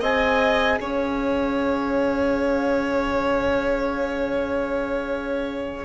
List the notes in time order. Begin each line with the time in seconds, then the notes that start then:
0.00 C4 G#4 D#5 G#5
0.80 C#4 C#5 F5